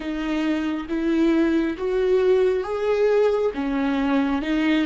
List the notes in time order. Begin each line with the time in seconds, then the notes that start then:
0.00 D#4
0.88 E4
1.77 F#4
2.63 G#4
3.54 C#4
4.42 D#4